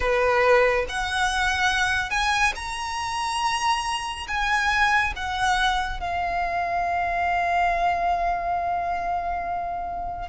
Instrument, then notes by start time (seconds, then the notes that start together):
violin
0.00 B4
0.88 F#5
2.10 G#5
2.55 A#5
4.27 G#5
5.16 F#5
6.00 F5